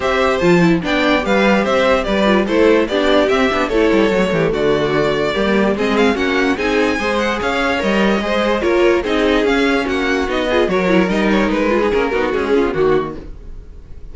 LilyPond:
<<
  \new Staff \with { instrumentName = "violin" } { \time 4/4 \tempo 4 = 146 e''4 a''4 g''4 f''4 | e''4 d''4 c''4 d''4 | e''4 cis''2 d''4~ | d''2 dis''8 f''8 fis''4 |
gis''4. fis''8 f''4 dis''4~ | dis''4 cis''4 dis''4 f''4 | fis''4 dis''4 cis''4 dis''8 cis''8 | b'4 ais'4 gis'4 fis'4 | }
  \new Staff \with { instrumentName = "violin" } { \time 4/4 c''2 d''4 b'4 | c''4 b'4 a'4 g'4~ | g'4 a'4. g'8 fis'4~ | fis'4 g'4 gis'4 fis'4 |
gis'4 c''4 cis''2 | c''4 ais'4 gis'2 | fis'4. gis'8 ais'2~ | ais'8 gis'4 fis'4 f'8 fis'4 | }
  \new Staff \with { instrumentName = "viola" } { \time 4/4 g'4 f'8 e'8 d'4 g'4~ | g'4. f'8 e'4 d'4 | c'8 d'8 e'4 a2~ | a4 ais4 c'4 cis'4 |
dis'4 gis'2 ais'4 | gis'4 f'4 dis'4 cis'4~ | cis'4 dis'8 f'8 fis'8 e'8 dis'4~ | dis'8 f'16 dis'16 cis'8 dis'8 gis8 cis'16 b16 ais4 | }
  \new Staff \with { instrumentName = "cello" } { \time 4/4 c'4 f4 b4 g4 | c'4 g4 a4 b4 | c'8 b8 a8 g8 fis8 e8 d4~ | d4 g4 gis4 ais4 |
c'4 gis4 cis'4 g4 | gis4 ais4 c'4 cis'4 | ais4 b4 fis4 g4 | gis4 ais8 b8 cis'4 dis4 | }
>>